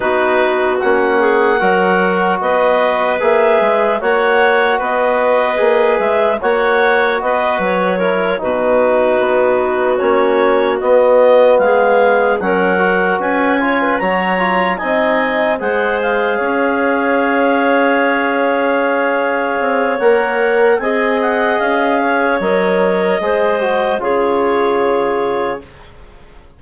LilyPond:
<<
  \new Staff \with { instrumentName = "clarinet" } { \time 4/4 \tempo 4 = 75 b'4 fis''2 dis''4 | e''4 fis''4 dis''4. e''8 | fis''4 dis''8 cis''4 b'4.~ | b'8 cis''4 dis''4 f''4 fis''8~ |
fis''8 gis''4 ais''4 gis''4 fis''8 | f''1~ | f''4 fis''4 gis''8 fis''8 f''4 | dis''2 cis''2 | }
  \new Staff \with { instrumentName = "clarinet" } { \time 4/4 fis'4. gis'8 ais'4 b'4~ | b'4 cis''4 b'2 | cis''4 b'4 ais'8 fis'4.~ | fis'2~ fis'8 gis'4 ais'8~ |
ais'8 b'8 cis''16 b'16 cis''4 dis''4 c''8~ | c''8 cis''2.~ cis''8~ | cis''2 dis''4. cis''8~ | cis''4 c''4 gis'2 | }
  \new Staff \with { instrumentName = "trombone" } { \time 4/4 dis'4 cis'4 fis'2 | gis'4 fis'2 gis'4 | fis'2 e'8 dis'4.~ | dis'8 cis'4 b2 cis'8 |
fis'4 f'8 fis'8 f'8 dis'4 gis'8~ | gis'1~ | gis'4 ais'4 gis'2 | ais'4 gis'8 fis'8 f'2 | }
  \new Staff \with { instrumentName = "bassoon" } { \time 4/4 b4 ais4 fis4 b4 | ais8 gis8 ais4 b4 ais8 gis8 | ais4 b8 fis4 b,4 b8~ | b8 ais4 b4 gis4 fis8~ |
fis8 cis'4 fis4 c'4 gis8~ | gis8 cis'2.~ cis'8~ | cis'8 c'8 ais4 c'4 cis'4 | fis4 gis4 cis2 | }
>>